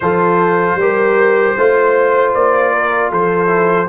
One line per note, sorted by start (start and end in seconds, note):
0.00 0.75 F3
0.00 0.80 F4
0.00 0.80 A4
0.00 2.32 C5
0.75 1.53 G3
0.75 1.58 G4
0.75 1.57 A#4
1.57 2.35 A3
1.57 3.47 F4
1.57 2.73 C5
2.33 3.11 A#3
2.33 3.11 D5
2.73 3.10 A#4
3.10 3.89 F3
3.10 3.88 A4
3.10 3.89 C5
3.47 3.86 E4